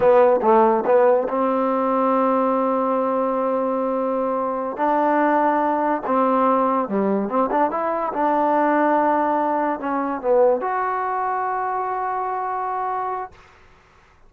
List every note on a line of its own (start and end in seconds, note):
0.00 0.40 B3
0.42 0.83 A3
0.85 1.27 B3
1.28 4.76 C4
4.76 6.01 D4
6.06 6.88 C4
6.88 7.28 G3
7.28 7.49 C4
7.51 7.70 D4
7.70 8.12 E4
8.13 9.79 D4
9.79 10.21 C#4
10.21 10.60 B3
10.60 13.31 F#4